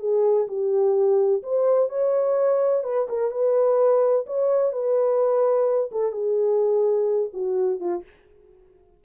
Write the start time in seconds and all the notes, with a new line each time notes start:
0.00 G#4
0.48 G4
1.43 C5
1.89 C#5
2.84 B4
3.09 A#4
3.32 B4
4.26 C#5
4.72 B4
5.92 A4
6.12 G#4
7.34 F#4
7.80 F4